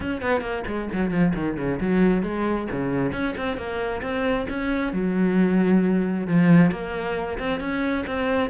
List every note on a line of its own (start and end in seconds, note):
0.00 0.21 C#4
0.21 0.41 B3
0.41 0.63 A#3
0.66 0.89 G#3
0.92 1.10 F#3
1.10 1.32 F3
1.35 1.57 D#3
1.57 1.79 C#3
1.80 2.22 F#3
2.22 2.67 G#3
2.71 3.12 C#3
3.12 3.34 C#4
3.37 3.57 C4
3.57 4.01 A#3
4.02 4.47 C4
4.49 4.93 C#4
4.93 6.27 F#3
6.27 6.71 F3
6.71 7.38 A#3
7.39 7.60 C4
7.60 8.04 C#4
8.06 8.50 C4